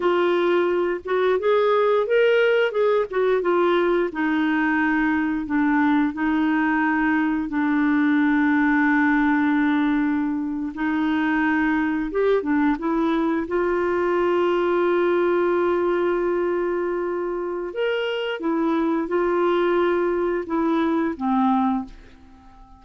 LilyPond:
\new Staff \with { instrumentName = "clarinet" } { \time 4/4 \tempo 4 = 88 f'4. fis'8 gis'4 ais'4 | gis'8 fis'8 f'4 dis'2 | d'4 dis'2 d'4~ | d'2.~ d'8. dis'16~ |
dis'4.~ dis'16 g'8 d'8 e'4 f'16~ | f'1~ | f'2 ais'4 e'4 | f'2 e'4 c'4 | }